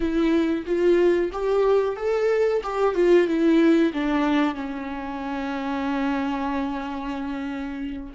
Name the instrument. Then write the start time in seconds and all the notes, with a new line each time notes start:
viola
0.00 E4
0.66 F4
1.32 G4
1.96 A4
2.63 G4
2.94 F4
3.27 E4
3.93 D4
4.54 C#4